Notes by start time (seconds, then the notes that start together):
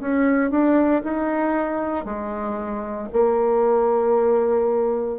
0.00 C#4
0.51 D4
1.03 D#4
2.05 G#3
3.13 A#3